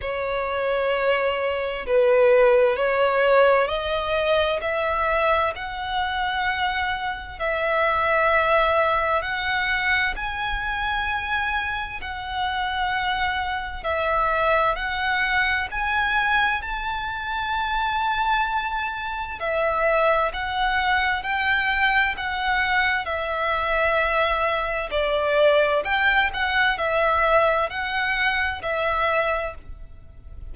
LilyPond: \new Staff \with { instrumentName = "violin" } { \time 4/4 \tempo 4 = 65 cis''2 b'4 cis''4 | dis''4 e''4 fis''2 | e''2 fis''4 gis''4~ | gis''4 fis''2 e''4 |
fis''4 gis''4 a''2~ | a''4 e''4 fis''4 g''4 | fis''4 e''2 d''4 | g''8 fis''8 e''4 fis''4 e''4 | }